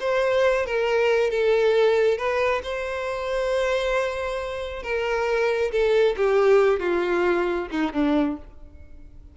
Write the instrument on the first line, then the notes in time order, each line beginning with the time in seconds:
violin
0.00 C5
0.66 A#4
1.31 A4
2.18 B4
2.63 C5
4.83 A#4
5.72 A4
6.17 G4
6.80 F4
7.71 D#4
7.93 D4